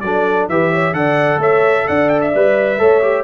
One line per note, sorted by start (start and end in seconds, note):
0.00 0.48 F#3
0.00 0.50 D4
0.00 0.50 A4
0.00 0.46 D5
0.48 0.93 E3
0.48 0.93 G4
0.48 0.71 B4
0.48 0.93 E5
0.71 0.94 C#5
0.93 1.37 D3
0.93 2.32 A4
0.93 1.39 D5
0.93 1.40 F#5
1.37 1.83 A3
1.37 1.85 C#5
1.37 1.87 E5
1.87 2.34 D4
1.87 2.79 D5
1.87 2.09 F#5
2.09 2.20 G5
2.21 3.24 E5
2.34 2.79 G3
2.34 2.78 B4
2.78 3.24 A3
2.78 3.01 A4
2.78 3.24 C#5
3.02 3.24 G4